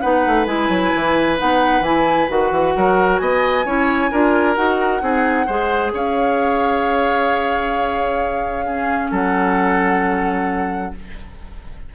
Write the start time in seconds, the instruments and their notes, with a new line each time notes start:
0.00 bassoon B3, clarinet D#4, oboe B4, flute F#5
0.26 bassoon A3
0.46 bassoon G#3, clarinet E4, flute G#5
0.69 bassoon F#3
0.94 bassoon E3
1.37 bassoon B3, clarinet D#4, flute F#5
1.80 bassoon E3, clarinet E4, flute G#5
2.28 bassoon D#3, clarinet F#4, flute F#5
2.51 bassoon E3
2.76 bassoon F#3, oboe A#4
3.17 bassoon B3, oboe D#5, flute G#5
3.65 bassoon C#4, clarinet E4, oboe C#5
4.11 bassoon D4, clarinet F4, oboe A#4
4.55 bassoon D#4, clarinet F#4, flute F#5
5.00 bassoon C4, clarinet D#4, oboe G#4
5.46 bassoon G#3, clarinet G#4, oboe C5
5.93 bassoon C#4, oboe C#5, flute F5
8.66 clarinet C#4, oboe G#4
9.11 bassoon F#3, oboe A4, flute F#5